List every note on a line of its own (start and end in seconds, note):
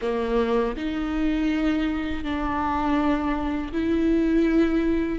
0.01 0.75 A#3
0.76 2.23 D#4
2.23 3.71 D4
3.72 5.19 E4